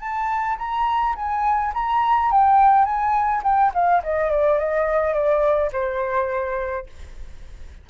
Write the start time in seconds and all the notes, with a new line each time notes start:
0.00 A5
0.58 A#5
1.16 G#5
1.74 A#5
2.31 G5
2.85 G#5
3.43 G5
3.74 F5
4.03 D#5
4.30 D5
4.59 D#5
5.14 D5
5.72 C5